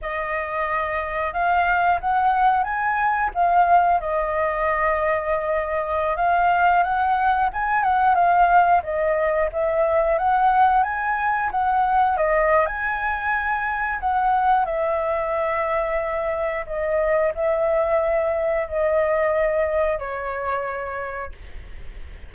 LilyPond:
\new Staff \with { instrumentName = "flute" } { \time 4/4 \tempo 4 = 90 dis''2 f''4 fis''4 | gis''4 f''4 dis''2~ | dis''4~ dis''16 f''4 fis''4 gis''8 fis''16~ | fis''16 f''4 dis''4 e''4 fis''8.~ |
fis''16 gis''4 fis''4 dis''8. gis''4~ | gis''4 fis''4 e''2~ | e''4 dis''4 e''2 | dis''2 cis''2 | }